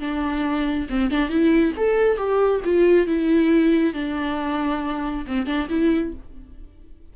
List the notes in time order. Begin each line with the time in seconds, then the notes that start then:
0.00 D4
0.90 C4
1.11 D4
1.30 E4
1.77 A4
2.18 G4
2.65 F4
3.07 E4
3.94 D4
5.27 C4
5.47 D4
5.70 E4